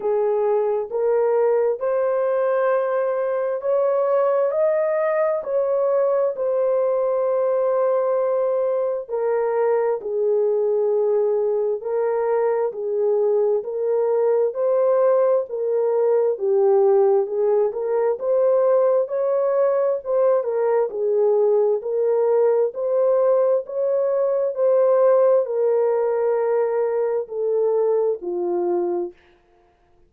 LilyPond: \new Staff \with { instrumentName = "horn" } { \time 4/4 \tempo 4 = 66 gis'4 ais'4 c''2 | cis''4 dis''4 cis''4 c''4~ | c''2 ais'4 gis'4~ | gis'4 ais'4 gis'4 ais'4 |
c''4 ais'4 g'4 gis'8 ais'8 | c''4 cis''4 c''8 ais'8 gis'4 | ais'4 c''4 cis''4 c''4 | ais'2 a'4 f'4 | }